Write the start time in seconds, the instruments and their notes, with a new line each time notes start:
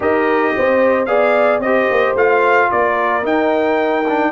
0.00 tuba D#4, trombone G4, horn A#4, trumpet D#5
0.56 tuba C4, horn C5
1.05 tuba B3, trombone G#4, horn D5, trumpet F5
1.59 tuba C4, trombone G4, horn C5, trumpet D#5
1.90 tuba A#3
2.14 tuba A3, trombone F4, trumpet F5
2.71 tuba A#3, horn A#4, trumpet D5
3.22 trombone D#4, tuba D#4, trumpet G5
4.08 trombone D4